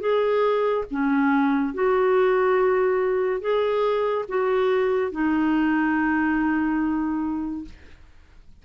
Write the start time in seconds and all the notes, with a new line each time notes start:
0.00 G#4
0.91 C#4
1.74 F#4
3.41 G#4
4.28 F#4
5.11 D#4